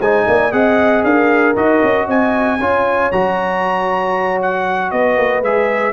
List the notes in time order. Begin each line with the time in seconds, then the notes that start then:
0.00 G#3 D#4 C5 G#5
0.27 A#3 D5
0.52 C4 G#4 D#5 F#5
1.04 D4 A#4 F5
1.56 D#4 F#4 D#5
1.84 C#4
2.06 C4 D#5 G#5
2.59 C#4 F4 C#5
3.12 F#3 F#4 A#5
4.42 F#5
4.91 B3 B4 D#5
5.17 A#3
5.42 G#3 G#4 E5